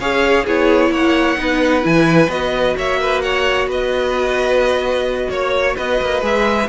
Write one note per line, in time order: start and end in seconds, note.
0.00 0.46 C#4
0.00 0.48 G#4
0.00 0.44 C#5
0.00 0.46 F5
0.44 0.90 B3
0.44 1.38 E4
0.44 0.91 G#4
0.44 0.94 C#5
0.90 1.37 A#3
0.90 1.38 C#5
0.90 1.86 F#5
1.38 1.84 B3
1.38 1.82 D#4
1.38 2.77 B4
1.82 2.29 E3
1.82 2.29 E4
1.82 2.31 G#5
2.29 2.75 B3
2.29 6.22 F#4
2.29 2.77 D#5
2.77 3.67 A#3
2.77 3.01 C#5
2.77 3.22 E5
3.01 3.24 B4
3.22 3.69 C#5
3.22 3.68 F#5
3.67 5.28 B3
3.67 5.30 B4
3.67 5.31 D#5
5.30 5.77 A#3
5.30 5.77 C#5
5.30 5.76 C#5
5.76 6.01 B3
5.76 6.69 B4
5.76 6.24 D#5
6.02 6.23 A#3
6.22 6.69 G#3
6.22 6.68 G#4
6.22 6.69 E5